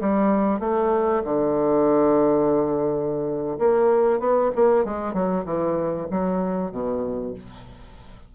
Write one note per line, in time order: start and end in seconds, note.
0.00 0.60 G3
0.60 1.22 A3
1.24 3.58 D3
3.59 4.19 A#3
4.19 4.51 B3
4.55 4.85 A#3
4.85 5.13 G#3
5.13 5.45 F#3
5.45 6.07 E3
6.10 6.71 F#3
6.71 7.34 B2